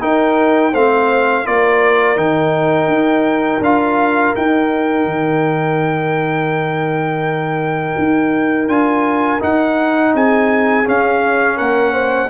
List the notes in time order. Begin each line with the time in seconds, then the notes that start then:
0.00 D#4 A#4 G5
0.72 A3 C4 C5 F5
1.44 A#3 F4 A#4 D5
2.16 D#3 D#4 G5
2.87 D#4
3.60 D4 F4 F5
4.36 D#4 G5
5.05 D#3
7.98 D#4
8.68 D4 F4 G#5
9.39 D#4 F#5
10.14 C4 G#4 G#5
10.84 C#4 F5
11.57 A#3 A#4 F#5
11.93 C5